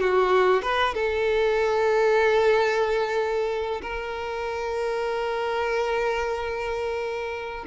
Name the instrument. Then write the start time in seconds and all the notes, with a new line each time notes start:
violin
0.00 F#4
0.62 B4
0.94 A4
3.82 A#4